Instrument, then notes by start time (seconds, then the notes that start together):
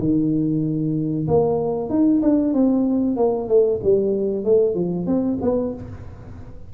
tuba
0.00 D#3
1.28 A#3
1.90 D#4
2.22 D4
2.54 C4
3.17 A#3
3.49 A3
3.84 G3
4.45 A3
4.75 F3
5.07 C4
5.42 B3